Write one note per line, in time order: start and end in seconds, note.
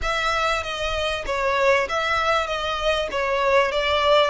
0.02 0.63 E5
0.63 1.25 D#5
1.26 1.88 C#5
1.88 2.46 E5
2.46 3.08 D#5
3.11 3.71 C#5
3.71 4.30 D5